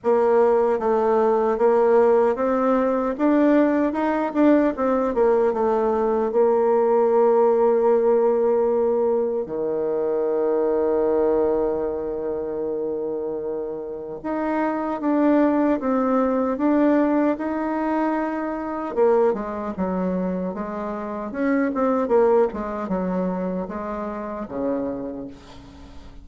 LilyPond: \new Staff \with { instrumentName = "bassoon" } { \time 4/4 \tempo 4 = 76 ais4 a4 ais4 c'4 | d'4 dis'8 d'8 c'8 ais8 a4 | ais1 | dis1~ |
dis2 dis'4 d'4 | c'4 d'4 dis'2 | ais8 gis8 fis4 gis4 cis'8 c'8 | ais8 gis8 fis4 gis4 cis4 | }